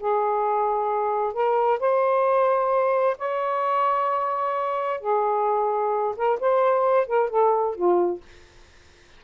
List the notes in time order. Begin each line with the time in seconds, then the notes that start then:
0.00 G#4
1.33 A#4
1.79 C5
3.18 C#5
5.00 G#4
6.16 A#4
6.40 C5
7.07 A#4
7.30 A4
7.75 F4